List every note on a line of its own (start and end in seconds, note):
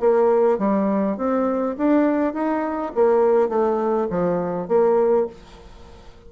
0.00 0.58 A#3
0.58 1.17 G3
1.17 1.76 C4
1.78 2.34 D4
2.34 2.93 D#4
2.95 3.49 A#3
3.49 4.08 A3
4.10 4.68 F3
4.68 5.27 A#3